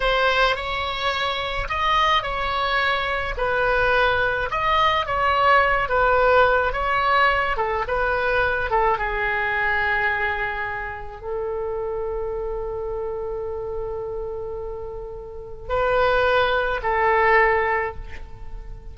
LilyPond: \new Staff \with { instrumentName = "oboe" } { \time 4/4 \tempo 4 = 107 c''4 cis''2 dis''4 | cis''2 b'2 | dis''4 cis''4. b'4. | cis''4. a'8 b'4. a'8 |
gis'1 | a'1~ | a'1 | b'2 a'2 | }